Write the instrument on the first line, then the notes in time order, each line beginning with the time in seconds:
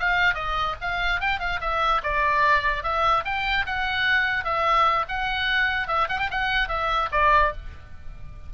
oboe
0.00 F5
0.35 D#5
0.81 F5
1.21 G5
1.40 F5
1.61 E5
2.03 D5
2.83 E5
3.25 G5
3.66 F#5
4.45 E5
5.09 F#5
5.88 E5
6.09 F#5
6.20 G5
6.31 F#5
6.69 E5
7.12 D5